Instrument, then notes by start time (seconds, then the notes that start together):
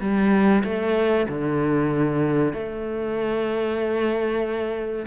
cello
0.00 G3
0.64 A3
1.28 D3
2.53 A3